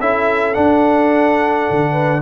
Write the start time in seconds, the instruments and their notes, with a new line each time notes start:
0.00 tuba C#4, trombone E4, horn A4, trumpet E5
0.54 trombone D4, tuba D4, trumpet F#5
1.71 tuba D3
1.92 horn B4